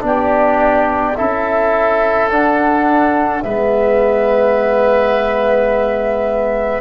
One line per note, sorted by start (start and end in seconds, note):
0.00 1.16 B3
0.00 1.13 D4
0.00 1.17 G4
0.00 1.16 D5
1.16 2.29 C#4
1.16 2.30 E4
1.16 3.44 A4
1.16 2.29 E5
2.29 3.43 D4
2.29 3.42 F#5
3.42 6.81 G#3
3.42 6.81 B3
3.42 6.81 B4
3.42 6.81 E5